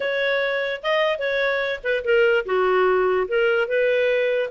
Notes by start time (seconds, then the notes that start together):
0.00 C#5
0.83 D#5
1.18 C#5
1.83 B4
2.04 A#4
2.45 F#4
3.28 A#4
3.68 B4